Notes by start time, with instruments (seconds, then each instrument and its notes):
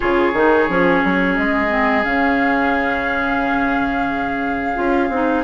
0.00 bassoon C#3, clarinet F4, oboe G#4, flute C#5
0.33 bassoon D#3, clarinet D#4
0.68 bassoon F3, clarinet C#4
1.03 bassoon F#3
1.36 bassoon G#3, flute D#5
1.69 clarinet C4
2.03 bassoon C#3, clarinet C#4, flute F5
4.75 bassoon C#4, clarinet F4
5.09 bassoon C4, clarinet D#4